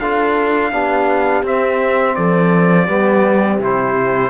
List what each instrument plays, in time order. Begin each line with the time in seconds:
0.00 cello D4, trombone F4, horn A4, trumpet F5
0.72 cello B3, trombone D4, horn G4
1.43 cello C4, trombone C4, trumpet E5
2.16 cello F3, horn A4, trumpet D5
2.86 cello G3, trombone B3, horn G4
3.58 cello C3, trombone E4, trumpet C5